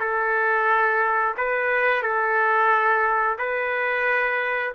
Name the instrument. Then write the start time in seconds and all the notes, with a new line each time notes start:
trumpet
0.00 A4
1.37 B4
2.02 A4
3.39 B4